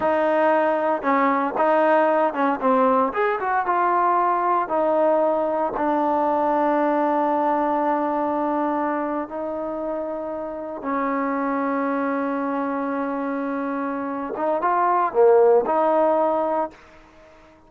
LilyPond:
\new Staff \with { instrumentName = "trombone" } { \time 4/4 \tempo 4 = 115 dis'2 cis'4 dis'4~ | dis'8 cis'8 c'4 gis'8 fis'8 f'4~ | f'4 dis'2 d'4~ | d'1~ |
d'4.~ d'16 dis'2~ dis'16~ | dis'8. cis'2.~ cis'16~ | cis'2.~ cis'8 dis'8 | f'4 ais4 dis'2 | }